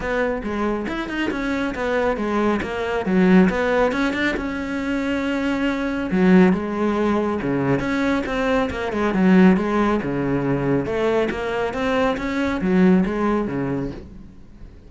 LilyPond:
\new Staff \with { instrumentName = "cello" } { \time 4/4 \tempo 4 = 138 b4 gis4 e'8 dis'8 cis'4 | b4 gis4 ais4 fis4 | b4 cis'8 d'8 cis'2~ | cis'2 fis4 gis4~ |
gis4 cis4 cis'4 c'4 | ais8 gis8 fis4 gis4 cis4~ | cis4 a4 ais4 c'4 | cis'4 fis4 gis4 cis4 | }